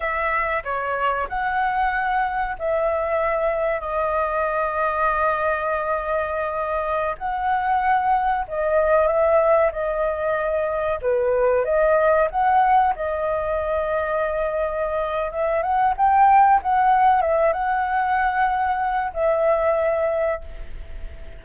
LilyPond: \new Staff \with { instrumentName = "flute" } { \time 4/4 \tempo 4 = 94 e''4 cis''4 fis''2 | e''2 dis''2~ | dis''2.~ dis''16 fis''8.~ | fis''4~ fis''16 dis''4 e''4 dis''8.~ |
dis''4~ dis''16 b'4 dis''4 fis''8.~ | fis''16 dis''2.~ dis''8. | e''8 fis''8 g''4 fis''4 e''8 fis''8~ | fis''2 e''2 | }